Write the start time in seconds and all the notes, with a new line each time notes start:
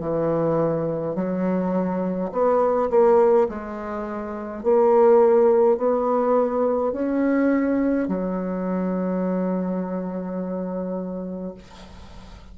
0.00 E3
1.15 F#3
2.32 B3
2.90 A#3
3.49 G#3
4.64 A#3
5.77 B3
6.93 C#4
8.08 F#3